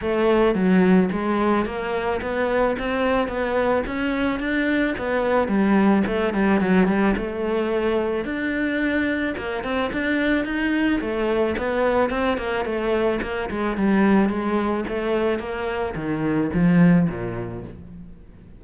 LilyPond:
\new Staff \with { instrumentName = "cello" } { \time 4/4 \tempo 4 = 109 a4 fis4 gis4 ais4 | b4 c'4 b4 cis'4 | d'4 b4 g4 a8 g8 | fis8 g8 a2 d'4~ |
d'4 ais8 c'8 d'4 dis'4 | a4 b4 c'8 ais8 a4 | ais8 gis8 g4 gis4 a4 | ais4 dis4 f4 ais,4 | }